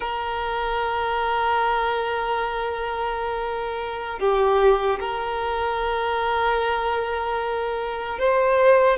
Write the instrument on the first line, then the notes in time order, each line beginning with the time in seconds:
violin
0.00 A#4
4.19 G4
4.99 A#4
8.19 C5